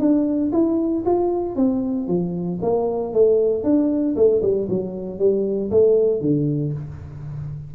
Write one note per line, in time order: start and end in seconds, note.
0.00 0.52 D4
0.53 1.04 E4
1.06 1.56 F4
1.56 2.08 C4
2.08 2.60 F3
2.62 3.13 A#3
3.13 3.64 A3
3.64 4.16 D4
4.16 4.42 A3
4.42 4.68 G3
4.69 5.19 F#3
5.19 5.71 G3
5.71 6.21 A3
6.21 6.73 D3